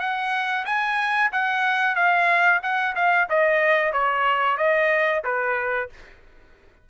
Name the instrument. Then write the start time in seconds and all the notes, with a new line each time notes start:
trumpet
0.00 F#5
0.65 G#5
1.32 F#5
1.95 F5
2.62 F#5
2.96 F5
3.30 D#5
3.92 C#5
4.58 D#5
5.24 B4